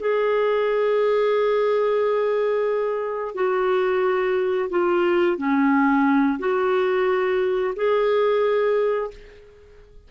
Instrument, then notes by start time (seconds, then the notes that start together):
clarinet
0.00 G#4
3.35 F#4
4.70 F4
5.37 C#4
6.39 F#4
7.76 G#4